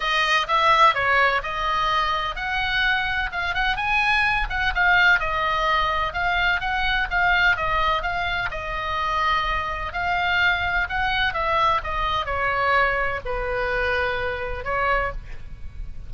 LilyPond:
\new Staff \with { instrumentName = "oboe" } { \time 4/4 \tempo 4 = 127 dis''4 e''4 cis''4 dis''4~ | dis''4 fis''2 f''8 fis''8 | gis''4. fis''8 f''4 dis''4~ | dis''4 f''4 fis''4 f''4 |
dis''4 f''4 dis''2~ | dis''4 f''2 fis''4 | e''4 dis''4 cis''2 | b'2. cis''4 | }